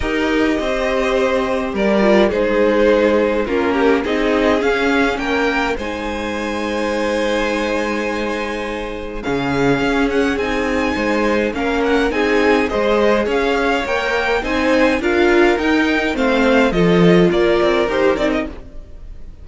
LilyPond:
<<
  \new Staff \with { instrumentName = "violin" } { \time 4/4 \tempo 4 = 104 dis''2. d''4 | c''2 ais'4 dis''4 | f''4 g''4 gis''2~ | gis''1 |
f''4. fis''8 gis''2 | f''8 fis''8 gis''4 dis''4 f''4 | g''4 gis''4 f''4 g''4 | f''4 dis''4 d''4 c''8 d''16 dis''16 | }
  \new Staff \with { instrumentName = "violin" } { \time 4/4 ais'4 c''2 ais'4 | gis'2 f'8 g'8 gis'4~ | gis'4 ais'4 c''2~ | c''1 |
gis'2. c''4 | ais'4 gis'4 c''4 cis''4~ | cis''4 c''4 ais'2 | c''4 a'4 ais'2 | }
  \new Staff \with { instrumentName = "viola" } { \time 4/4 g'2.~ g'8 f'8 | dis'2 cis'4 dis'4 | cis'2 dis'2~ | dis'1 |
cis'2 dis'2 | cis'4 dis'4 gis'2 | ais'4 dis'4 f'4 dis'4 | c'4 f'2 g'8 dis'8 | }
  \new Staff \with { instrumentName = "cello" } { \time 4/4 dis'4 c'2 g4 | gis2 ais4 c'4 | cis'4 ais4 gis2~ | gis1 |
cis4 cis'4 c'4 gis4 | ais4 c'4 gis4 cis'4 | ais4 c'4 d'4 dis'4 | a4 f4 ais8 c'8 dis'8 c'8 | }
>>